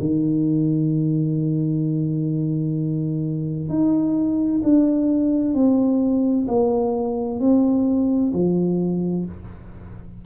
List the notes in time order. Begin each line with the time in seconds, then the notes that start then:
0.00 D#3
3.69 D#4
4.63 D4
5.54 C4
6.48 A#3
7.40 C4
8.33 F3